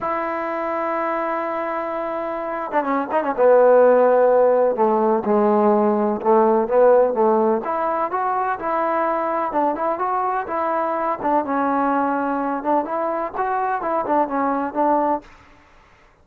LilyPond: \new Staff \with { instrumentName = "trombone" } { \time 4/4 \tempo 4 = 126 e'1~ | e'4.~ e'16 d'16 cis'8 dis'16 cis'16 b4~ | b2 a4 gis4~ | gis4 a4 b4 a4 |
e'4 fis'4 e'2 | d'8 e'8 fis'4 e'4. d'8 | cis'2~ cis'8 d'8 e'4 | fis'4 e'8 d'8 cis'4 d'4 | }